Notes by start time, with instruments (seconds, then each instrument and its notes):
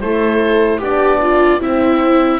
0.00 double bass A3, horn E4, viola A4, oboe C5
0.78 double bass B3, horn D4, viola G4, oboe D5
1.22 viola F4
1.60 horn C4, double bass C4, viola E4, oboe E5